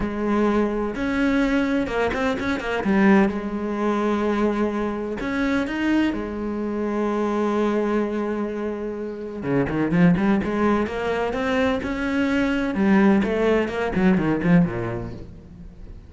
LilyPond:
\new Staff \with { instrumentName = "cello" } { \time 4/4 \tempo 4 = 127 gis2 cis'2 | ais8 c'8 cis'8 ais8 g4 gis4~ | gis2. cis'4 | dis'4 gis2.~ |
gis1 | cis8 dis8 f8 g8 gis4 ais4 | c'4 cis'2 g4 | a4 ais8 fis8 dis8 f8 ais,4 | }